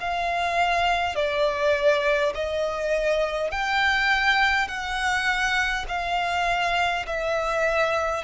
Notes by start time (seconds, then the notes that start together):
0.00 F5
1.15 D5
2.34 D#5
3.51 G5
4.67 F#5
5.88 F5
7.06 E5